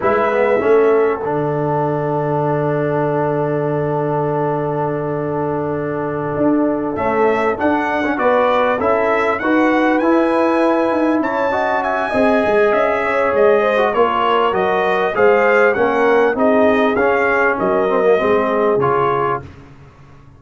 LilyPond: <<
  \new Staff \with { instrumentName = "trumpet" } { \time 4/4 \tempo 4 = 99 e''2 fis''2~ | fis''1~ | fis''2.~ fis''8 e''8~ | e''8 fis''4 d''4 e''4 fis''8~ |
fis''8 gis''2 a''4 gis''8~ | gis''4 e''4 dis''4 cis''4 | dis''4 f''4 fis''4 dis''4 | f''4 dis''2 cis''4 | }
  \new Staff \with { instrumentName = "horn" } { \time 4/4 b'4 a'2.~ | a'1~ | a'1~ | a'4. b'4 a'4 b'8~ |
b'2~ b'8 cis''8 dis''8 e''8 | dis''4. cis''4 c''8 ais'4~ | ais'4 c''4 ais'4 gis'4~ | gis'4 ais'4 gis'2 | }
  \new Staff \with { instrumentName = "trombone" } { \time 4/4 e'8 b8 cis'4 d'2~ | d'1~ | d'2.~ d'8 a8~ | a8 d'8. cis'16 fis'4 e'4 fis'8~ |
fis'8 e'2~ e'8 fis'4 | gis'2~ gis'8. fis'16 f'4 | fis'4 gis'4 cis'4 dis'4 | cis'4. c'16 ais16 c'4 f'4 | }
  \new Staff \with { instrumentName = "tuba" } { \time 4/4 gis4 a4 d2~ | d1~ | d2~ d8 d'4 cis'8~ | cis'8 d'4 b4 cis'4 dis'8~ |
dis'8 e'4. dis'8 cis'4. | c'8 gis8 cis'4 gis4 ais4 | fis4 gis4 ais4 c'4 | cis'4 fis4 gis4 cis4 | }
>>